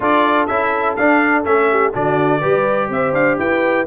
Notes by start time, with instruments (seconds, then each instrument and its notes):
0.00 tuba D4, trombone F4, horn A4, trumpet D5
0.46 tuba C#4, trombone E4, trumpet E5
0.96 trombone D4, tuba D4, trumpet F5
1.44 tuba A3, trombone C#4, trumpet E5
1.70 horn G4
1.93 tuba D3, trombone D4, horn F#4, trumpet D5
2.40 tuba G3, trombone G4, horn B4
2.89 tuba C4, horn C5, trumpet E5
3.13 tuba D4, trumpet F5
3.38 tuba E4, horn B4, trumpet G5